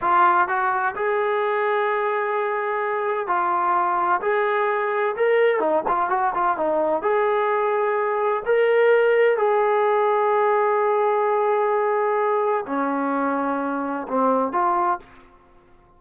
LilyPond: \new Staff \with { instrumentName = "trombone" } { \time 4/4 \tempo 4 = 128 f'4 fis'4 gis'2~ | gis'2. f'4~ | f'4 gis'2 ais'4 | dis'8 f'8 fis'8 f'8 dis'4 gis'4~ |
gis'2 ais'2 | gis'1~ | gis'2. cis'4~ | cis'2 c'4 f'4 | }